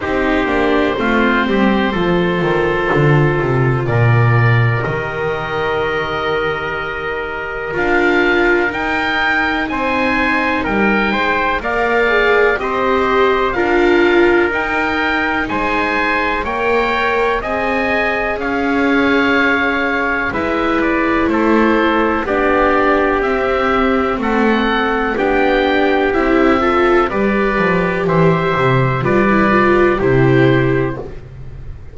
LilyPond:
<<
  \new Staff \with { instrumentName = "oboe" } { \time 4/4 \tempo 4 = 62 c''1 | d''4 dis''2. | f''4 g''4 gis''4 g''4 | f''4 dis''4 f''4 g''4 |
gis''4 g''4 gis''4 f''4~ | f''4 e''8 d''8 c''4 d''4 | e''4 fis''4 g''4 e''4 | d''4 e''4 d''4 c''4 | }
  \new Staff \with { instrumentName = "trumpet" } { \time 4/4 g'4 f'8 g'8 a'2 | ais'1~ | ais'2 c''4 ais'8 c''8 | d''4 c''4 ais'2 |
c''4 cis''4 dis''4 cis''4~ | cis''4 b'4 a'4 g'4~ | g'4 a'4 g'4. a'8 | b'4 c''4 b'4 g'4 | }
  \new Staff \with { instrumentName = "viola" } { \time 4/4 dis'8 d'8 c'4 f'2~ | f'4 g'2. | f'4 dis'2. | ais'8 gis'8 g'4 f'4 dis'4~ |
dis'4 ais'4 gis'2~ | gis'4 e'2 d'4 | c'2 d'4 e'8 f'8 | g'2 f'16 e'16 f'8 e'4 | }
  \new Staff \with { instrumentName = "double bass" } { \time 4/4 c'8 ais8 a8 g8 f8 dis8 d8 c8 | ais,4 dis2. | d'4 dis'4 c'4 g8 gis8 | ais4 c'4 d'4 dis'4 |
gis4 ais4 c'4 cis'4~ | cis'4 gis4 a4 b4 | c'4 a4 b4 c'4 | g8 f8 e8 c8 g4 c4 | }
>>